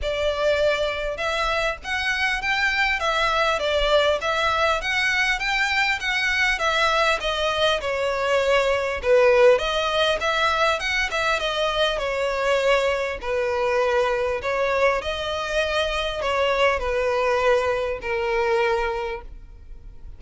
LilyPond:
\new Staff \with { instrumentName = "violin" } { \time 4/4 \tempo 4 = 100 d''2 e''4 fis''4 | g''4 e''4 d''4 e''4 | fis''4 g''4 fis''4 e''4 | dis''4 cis''2 b'4 |
dis''4 e''4 fis''8 e''8 dis''4 | cis''2 b'2 | cis''4 dis''2 cis''4 | b'2 ais'2 | }